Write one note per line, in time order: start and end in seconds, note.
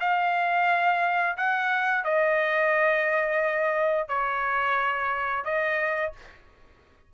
0.00 1.36 F5
1.37 2.04 F#5
2.04 4.08 D#5
4.08 5.44 C#5
5.45 6.13 D#5